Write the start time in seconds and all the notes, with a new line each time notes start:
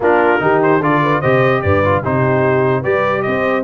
0.00 A#3 D4 F4 A#4
0.40 D#3 D#4 G4
0.62 C5
0.79 D3 F4 A4 D5
1.03 B4
1.21 C3 G4 C5 D#5
1.61 G2 B4 D5
1.84 F4
2.02 C3 D#4 G4 C5
2.81 G3 G4 B4 D5
3.22 C4 C5 D#5